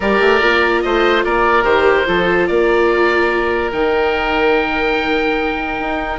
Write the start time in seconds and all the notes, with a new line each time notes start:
0.00 G3 G4 A#4 D5
0.20 A3
0.40 A#3 F4
0.81 A3 C5 D#5
1.24 A#3 A#4 D5
1.63 D#3 G4 C5
2.05 F3 F4 A4
2.47 A#3 A#4 D5
3.72 D#3 D#4 G5
5.79 D#4